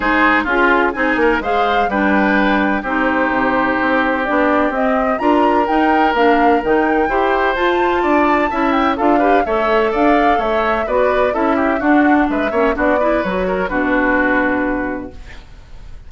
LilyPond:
<<
  \new Staff \with { instrumentName = "flute" } { \time 4/4 \tempo 4 = 127 c''4 gis'4 gis''4 f''4 | g''2 c''2~ | c''4 d''4 dis''4 ais''4 | g''4 f''4 g''2 |
a''2~ a''8 g''8 f''4 | e''4 f''4 e''4 d''4 | e''4 fis''4 e''4 d''4 | cis''4 b'2. | }
  \new Staff \with { instrumentName = "oboe" } { \time 4/4 gis'4 f'4 gis'8 ais'8 c''4 | b'2 g'2~ | g'2. ais'4~ | ais'2. c''4~ |
c''4 d''4 e''4 a'8 b'8 | cis''4 d''4 cis''4 b'4 | a'8 g'8 fis'4 b'8 cis''8 fis'8 b'8~ | b'8 ais'8 fis'2. | }
  \new Staff \with { instrumentName = "clarinet" } { \time 4/4 dis'4 f'4 dis'4 gis'4 | d'2 dis'2~ | dis'4 d'4 c'4 f'4 | dis'4 d'4 dis'4 g'4 |
f'2 e'4 f'8 g'8 | a'2. fis'4 | e'4 d'4. cis'8 d'8 e'8 | fis'4 d'2. | }
  \new Staff \with { instrumentName = "bassoon" } { \time 4/4 gis4 cis'4 c'8 ais8 gis4 | g2 c'4 c4 | c'4 b4 c'4 d'4 | dis'4 ais4 dis4 e'4 |
f'4 d'4 cis'4 d'4 | a4 d'4 a4 b4 | cis'4 d'4 gis8 ais8 b4 | fis4 b,2. | }
>>